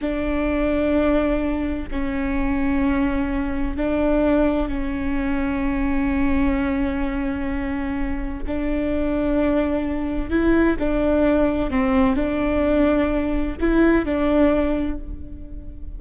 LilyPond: \new Staff \with { instrumentName = "viola" } { \time 4/4 \tempo 4 = 128 d'1 | cis'1 | d'2 cis'2~ | cis'1~ |
cis'2 d'2~ | d'2 e'4 d'4~ | d'4 c'4 d'2~ | d'4 e'4 d'2 | }